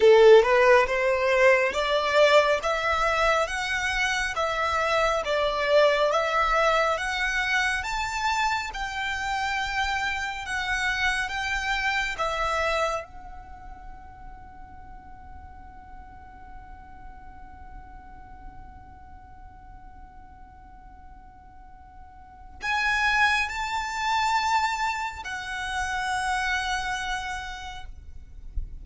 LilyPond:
\new Staff \with { instrumentName = "violin" } { \time 4/4 \tempo 4 = 69 a'8 b'8 c''4 d''4 e''4 | fis''4 e''4 d''4 e''4 | fis''4 a''4 g''2 | fis''4 g''4 e''4 fis''4~ |
fis''1~ | fis''1~ | fis''2 gis''4 a''4~ | a''4 fis''2. | }